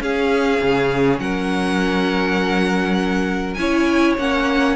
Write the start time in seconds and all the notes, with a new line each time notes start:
0.00 C#4 G#4 F5
0.61 C#3
1.19 F#3 A#4 F#5
3.54 C#4 E4 C#5 G#5
4.17 A#3 C#4 F#5